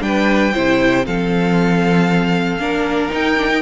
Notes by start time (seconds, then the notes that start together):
0.00 G3 D4 B4 G5
0.54 C3 E4 C5
1.06 F3 C4 A4 F5
2.58 A#3 D4 A#4
3.10 D#4 G5
3.38 D4
3.50 D#4